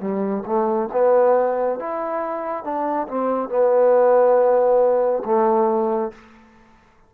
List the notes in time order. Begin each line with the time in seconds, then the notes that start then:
0.00 G3
0.46 A3
0.92 B3
1.80 E4
2.64 D4
3.08 C4
3.49 B3
5.25 A3